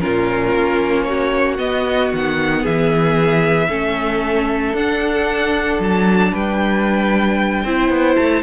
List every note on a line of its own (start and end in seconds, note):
0.00 0.54 A#2
0.00 1.58 C#4
0.00 1.07 F4
0.00 1.02 A#4
0.54 1.59 A#3
1.02 2.62 F#4
1.02 1.55 C#5
1.58 3.68 B3
1.58 2.12 B3
1.58 2.11 D#5
2.13 2.66 D#3
2.13 2.66 F#5
2.62 3.68 E3
2.62 3.68 G#4
2.62 4.76 E5
3.68 4.73 A3
3.68 4.75 C#4
3.68 6.32 A4
4.73 5.78 D4
4.73 7.66 D4
4.73 5.81 F#5
5.79 6.32 F#3
5.79 6.35 A5
6.32 7.64 G3
6.32 7.63 B4
6.32 8.16 G5
7.64 7.90 C4
7.64 8.43 E4
7.64 8.43 C5
7.90 8.16 B3
8.16 8.43 A3
8.16 8.42 A5